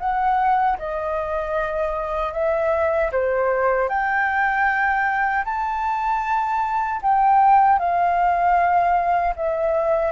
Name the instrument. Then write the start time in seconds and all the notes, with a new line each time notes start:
flute
0.00 F#5
0.79 D#5
2.33 E5
3.12 C5
3.89 G5
5.45 A5
7.02 G5
7.79 F5
9.36 E5